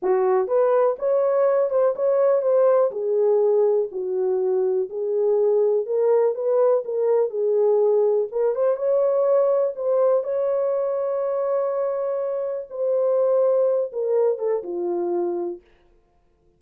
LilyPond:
\new Staff \with { instrumentName = "horn" } { \time 4/4 \tempo 4 = 123 fis'4 b'4 cis''4. c''8 | cis''4 c''4 gis'2 | fis'2 gis'2 | ais'4 b'4 ais'4 gis'4~ |
gis'4 ais'8 c''8 cis''2 | c''4 cis''2.~ | cis''2 c''2~ | c''8 ais'4 a'8 f'2 | }